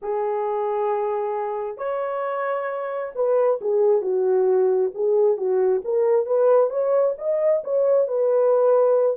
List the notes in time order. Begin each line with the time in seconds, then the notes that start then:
0.02 G#4
1.77 C#5
3.15 B4
3.61 G#4
4.01 F#4
4.94 G#4
5.37 F#4
5.84 A#4
6.26 B4
6.69 C#5
7.18 D#5
7.64 C#5
8.07 B4